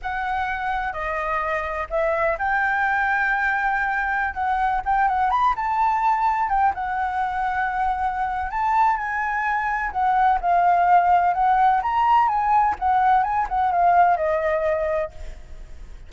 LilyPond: \new Staff \with { instrumentName = "flute" } { \time 4/4 \tempo 4 = 127 fis''2 dis''2 | e''4 g''2.~ | g''4~ g''16 fis''4 g''8 fis''8 b''8 a''16~ | a''4.~ a''16 g''8 fis''4.~ fis''16~ |
fis''2 a''4 gis''4~ | gis''4 fis''4 f''2 | fis''4 ais''4 gis''4 fis''4 | gis''8 fis''8 f''4 dis''2 | }